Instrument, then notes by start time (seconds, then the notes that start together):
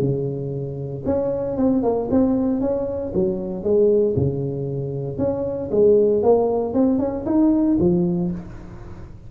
tuba
0.00 C#3
1.06 C#4
1.57 C4
1.83 A#3
2.11 C4
2.61 C#4
3.14 F#3
3.63 G#3
4.16 C#3
5.18 C#4
5.71 G#3
6.23 A#3
6.73 C4
6.99 C#4
7.26 D#4
7.79 F3